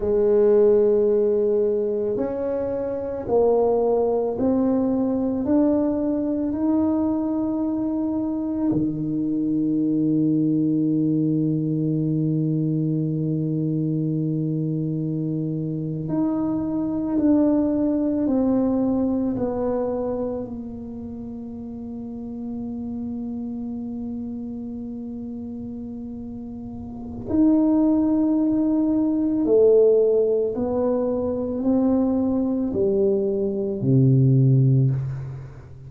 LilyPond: \new Staff \with { instrumentName = "tuba" } { \time 4/4 \tempo 4 = 55 gis2 cis'4 ais4 | c'4 d'4 dis'2 | dis1~ | dis2~ dis8. dis'4 d'16~ |
d'8. c'4 b4 ais4~ ais16~ | ais1~ | ais4 dis'2 a4 | b4 c'4 g4 c4 | }